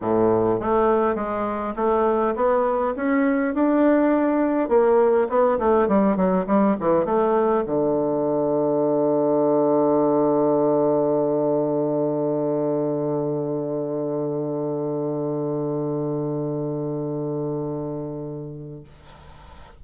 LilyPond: \new Staff \with { instrumentName = "bassoon" } { \time 4/4 \tempo 4 = 102 a,4 a4 gis4 a4 | b4 cis'4 d'2 | ais4 b8 a8 g8 fis8 g8 e8 | a4 d2.~ |
d1~ | d1~ | d1~ | d1 | }